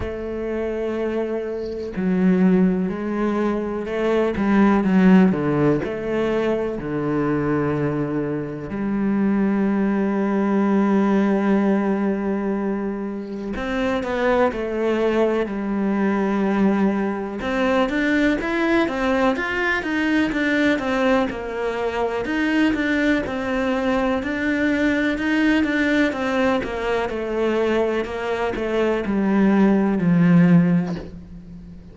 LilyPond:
\new Staff \with { instrumentName = "cello" } { \time 4/4 \tempo 4 = 62 a2 fis4 gis4 | a8 g8 fis8 d8 a4 d4~ | d4 g2.~ | g2 c'8 b8 a4 |
g2 c'8 d'8 e'8 c'8 | f'8 dis'8 d'8 c'8 ais4 dis'8 d'8 | c'4 d'4 dis'8 d'8 c'8 ais8 | a4 ais8 a8 g4 f4 | }